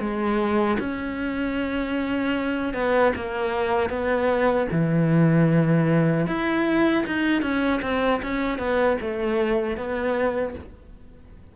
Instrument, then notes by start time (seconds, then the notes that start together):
cello
0.00 G#3
0.79 C#4
2.74 B3
3.16 A#3
3.90 B3
4.71 E3
6.27 E4
7.07 D#4
7.42 C#4
7.82 C4
8.22 C#4
8.59 B3
9.01 A3
9.77 B3